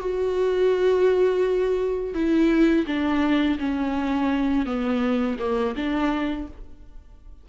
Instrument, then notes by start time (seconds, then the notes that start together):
viola
0.00 F#4
2.14 E4
2.87 D4
3.59 C#4
4.66 B3
5.39 A#3
5.76 D4